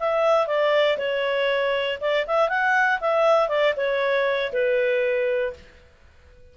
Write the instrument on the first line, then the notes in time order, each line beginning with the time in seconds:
clarinet
0.00 E5
0.47 D5
0.98 C#5
2.01 D5
2.27 E5
2.49 F#5
3.01 E5
3.49 D5
3.77 C#5
4.53 B4